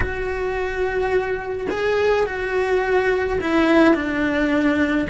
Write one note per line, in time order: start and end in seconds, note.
0.00 1.67 F#4
1.70 2.26 G#4
2.26 3.39 F#4
3.41 3.94 E4
3.94 5.07 D4